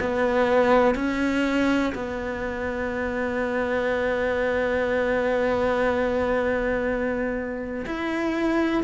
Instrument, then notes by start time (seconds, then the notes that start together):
cello
0.00 B3
0.95 C#4
1.95 B3
7.86 E4